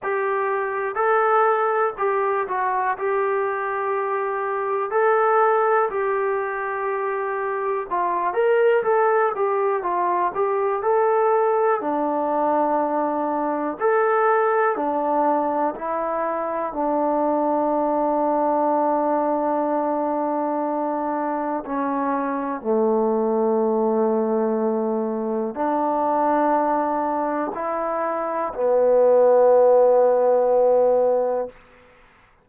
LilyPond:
\new Staff \with { instrumentName = "trombone" } { \time 4/4 \tempo 4 = 61 g'4 a'4 g'8 fis'8 g'4~ | g'4 a'4 g'2 | f'8 ais'8 a'8 g'8 f'8 g'8 a'4 | d'2 a'4 d'4 |
e'4 d'2.~ | d'2 cis'4 a4~ | a2 d'2 | e'4 b2. | }